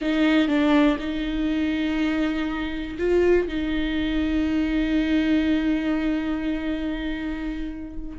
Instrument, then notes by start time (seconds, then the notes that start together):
viola
0.01 D#4
0.48 D4
0.99 D#4
2.98 F4
3.47 D#4